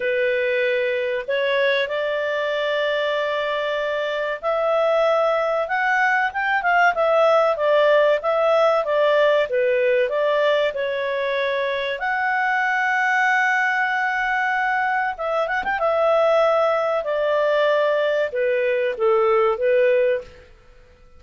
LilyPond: \new Staff \with { instrumentName = "clarinet" } { \time 4/4 \tempo 4 = 95 b'2 cis''4 d''4~ | d''2. e''4~ | e''4 fis''4 g''8 f''8 e''4 | d''4 e''4 d''4 b'4 |
d''4 cis''2 fis''4~ | fis''1 | e''8 fis''16 g''16 e''2 d''4~ | d''4 b'4 a'4 b'4 | }